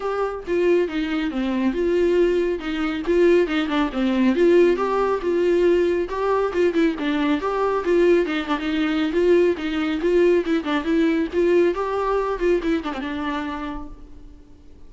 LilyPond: \new Staff \with { instrumentName = "viola" } { \time 4/4 \tempo 4 = 138 g'4 f'4 dis'4 c'4 | f'2 dis'4 f'4 | dis'8 d'8 c'4 f'4 g'4 | f'2 g'4 f'8 e'8 |
d'4 g'4 f'4 dis'8 d'16 dis'16~ | dis'4 f'4 dis'4 f'4 | e'8 d'8 e'4 f'4 g'4~ | g'8 f'8 e'8 d'16 c'16 d'2 | }